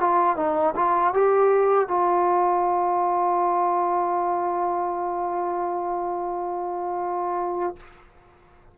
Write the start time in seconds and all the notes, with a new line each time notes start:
0.00 F4
0.36 D#4
0.75 F4
1.14 G4
1.88 F4